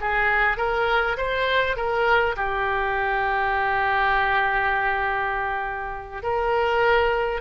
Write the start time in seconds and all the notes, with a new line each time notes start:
0.00 G#4
0.57 A#4
1.17 C5
1.76 A#4
2.36 G4
6.22 A#4